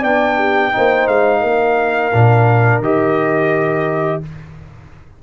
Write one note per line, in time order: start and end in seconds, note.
0.00 0.74 B3
0.00 0.73 D4
0.00 0.35 D5
0.00 1.08 G5
0.38 0.73 G4
0.73 1.08 A#3
0.73 2.12 D#4
0.73 1.41 C5
1.08 1.43 G#3
1.08 2.82 F5
1.41 2.13 A#3
1.41 4.20 A#4
2.14 2.80 A#2
2.14 2.83 D4
2.80 4.19 D#3
2.80 4.23 G4
2.80 4.23 D#5